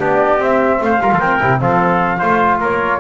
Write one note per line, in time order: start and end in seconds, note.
0.00 0.40 B3
0.00 0.40 D4
0.00 0.81 G4
0.00 0.43 D5
0.40 1.00 C4
0.40 0.80 C4
0.40 0.83 E5
0.81 1.01 A3
0.81 1.03 C5
0.81 1.20 F5
1.02 1.12 G3
1.02 1.41 F4
1.02 1.13 A#4
1.13 1.20 F3
1.13 1.20 A4
1.20 1.40 C4
1.20 1.60 A#4
1.20 1.60 G5
1.41 1.62 C3
1.41 1.61 E4
1.61 2.22 F3
1.61 2.21 C4
1.61 2.19 A4
1.61 2.61 F5
2.19 2.62 A3
2.19 3.00 F4
2.19 2.59 C5
2.60 3.00 A#3
2.60 3.00 A#4
2.60 3.00 C#5